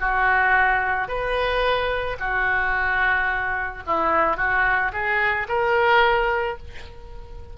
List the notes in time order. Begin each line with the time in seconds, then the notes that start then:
0.00 F#4
1.08 B4
2.20 F#4
3.87 E4
4.37 F#4
4.93 G#4
5.49 A#4